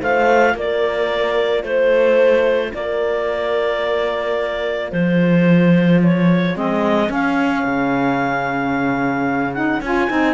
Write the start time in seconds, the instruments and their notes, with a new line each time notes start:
0.00 cello A3, saxophone F4, horn C5, clarinet F5
0.54 cello A#3, horn A#4, clarinet D5
1.63 cello A3, clarinet C5, horn C5
2.73 cello A#3, horn A#4, clarinet D5
4.91 cello F3, horn G#4, clarinet C5
6.03 clarinet C#5
6.54 cello G#3, saxophone C4, clarinet D#5
7.08 saxophone C#4, cello C#4, clarinet F5
7.65 cello C#3
9.53 saxophone D#4, clarinet F#5
9.81 cello C#4, saxophone F4, clarinet G#5
10.09 cello C4, saxophone D#4